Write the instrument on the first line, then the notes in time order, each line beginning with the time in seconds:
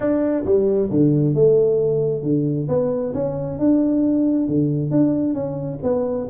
tuba
0.00 D4
0.45 G3
0.90 D3
1.34 A3
2.23 D3
2.68 B3
3.13 C#4
3.58 D4
4.48 D3
4.91 D4
5.34 C#4
5.82 B3